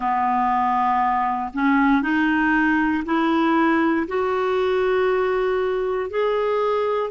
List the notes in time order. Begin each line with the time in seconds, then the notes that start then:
0.00 B3
1.53 C#4
2.02 D#4
3.05 E4
4.07 F#4
6.10 G#4